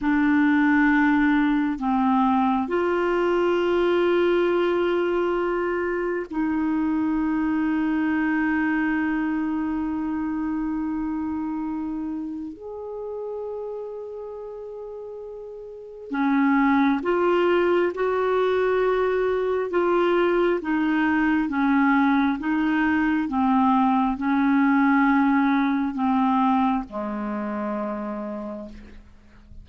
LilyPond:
\new Staff \with { instrumentName = "clarinet" } { \time 4/4 \tempo 4 = 67 d'2 c'4 f'4~ | f'2. dis'4~ | dis'1~ | dis'2 gis'2~ |
gis'2 cis'4 f'4 | fis'2 f'4 dis'4 | cis'4 dis'4 c'4 cis'4~ | cis'4 c'4 gis2 | }